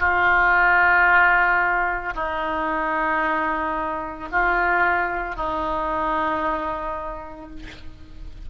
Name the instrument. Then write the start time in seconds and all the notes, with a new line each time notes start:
oboe
0.00 F4
2.15 D#4
4.32 F4
5.36 D#4